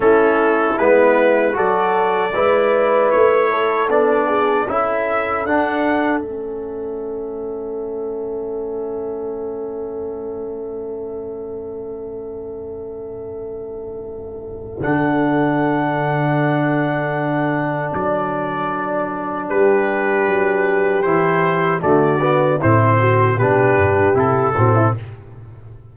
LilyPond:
<<
  \new Staff \with { instrumentName = "trumpet" } { \time 4/4 \tempo 4 = 77 a'4 b'4 d''2 | cis''4 d''4 e''4 fis''4 | e''1~ | e''1~ |
e''2. fis''4~ | fis''2. d''4~ | d''4 b'2 c''4 | d''4 c''4 b'4 a'4 | }
  \new Staff \with { instrumentName = "horn" } { \time 4/4 e'2 a'4 b'4~ | b'8 a'4 gis'8 a'2~ | a'1~ | a'1~ |
a'1~ | a'1~ | a'4 g'2. | fis'4 e'8 fis'8 g'4. fis'16 e'16 | }
  \new Staff \with { instrumentName = "trombone" } { \time 4/4 cis'4 b4 fis'4 e'4~ | e'4 d'4 e'4 d'4 | cis'1~ | cis'1~ |
cis'2. d'4~ | d'1~ | d'2. e'4 | a8 b8 c'4 d'4 e'8 c'8 | }
  \new Staff \with { instrumentName = "tuba" } { \time 4/4 a4 gis4 fis4 gis4 | a4 b4 cis'4 d'4 | a1~ | a1~ |
a2. d4~ | d2. fis4~ | fis4 g4 fis4 e4 | d4 a,4 b,8 g,8 c8 a,8 | }
>>